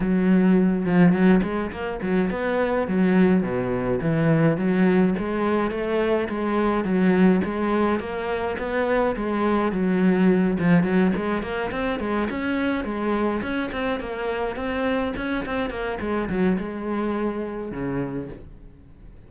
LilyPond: \new Staff \with { instrumentName = "cello" } { \time 4/4 \tempo 4 = 105 fis4. f8 fis8 gis8 ais8 fis8 | b4 fis4 b,4 e4 | fis4 gis4 a4 gis4 | fis4 gis4 ais4 b4 |
gis4 fis4. f8 fis8 gis8 | ais8 c'8 gis8 cis'4 gis4 cis'8 | c'8 ais4 c'4 cis'8 c'8 ais8 | gis8 fis8 gis2 cis4 | }